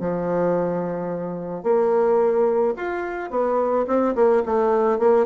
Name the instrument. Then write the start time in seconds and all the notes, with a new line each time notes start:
bassoon
0.00 F3
1.63 A#3
2.76 F4
3.30 B3
3.87 C4
4.15 A#3
4.46 A3
4.98 A#3